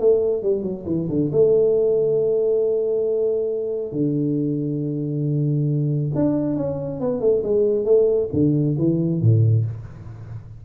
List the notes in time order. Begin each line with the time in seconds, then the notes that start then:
0.00 A3
0.43 G3
0.63 F#3
0.87 E3
1.09 D3
1.32 A3
3.93 D3
6.15 D4
6.57 C#4
7.01 B3
7.21 A3
7.44 G#3
7.85 A3
8.33 D3
8.78 E3
9.21 A2